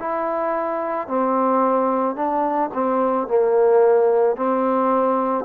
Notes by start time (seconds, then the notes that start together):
0.00 E4
1.08 C4
2.16 D4
2.74 C4
3.28 A#3
4.36 C4